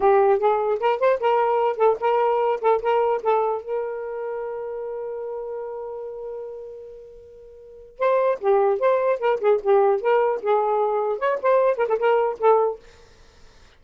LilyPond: \new Staff \with { instrumentName = "saxophone" } { \time 4/4 \tempo 4 = 150 g'4 gis'4 ais'8 c''8 ais'4~ | ais'8 a'8 ais'4. a'8 ais'4 | a'4 ais'2.~ | ais'1~ |
ais'1 | c''4 g'4 c''4 ais'8 gis'8 | g'4 ais'4 gis'2 | cis''8 c''4 ais'16 a'16 ais'4 a'4 | }